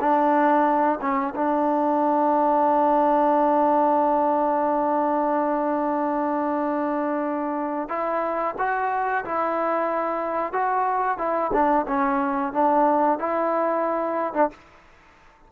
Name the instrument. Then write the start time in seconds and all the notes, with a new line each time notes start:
trombone
0.00 D4
1.01 C#4
1.35 D4
7.89 E4
8.58 F#4
9.24 E4
10.52 F#4
11.18 E4
11.53 D4
11.87 C#4
12.52 D4
13.19 E4
14.33 D4